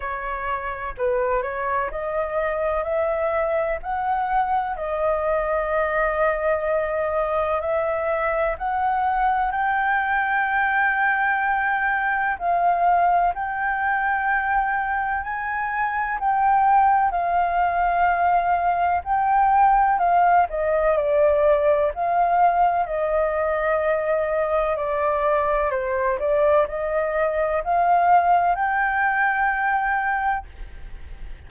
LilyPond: \new Staff \with { instrumentName = "flute" } { \time 4/4 \tempo 4 = 63 cis''4 b'8 cis''8 dis''4 e''4 | fis''4 dis''2. | e''4 fis''4 g''2~ | g''4 f''4 g''2 |
gis''4 g''4 f''2 | g''4 f''8 dis''8 d''4 f''4 | dis''2 d''4 c''8 d''8 | dis''4 f''4 g''2 | }